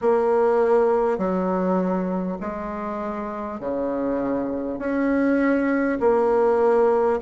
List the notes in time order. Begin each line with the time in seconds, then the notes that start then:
0.01 A#3
1.17 F#3
2.40 G#3
3.60 C#3
4.78 C#4
6.00 A#3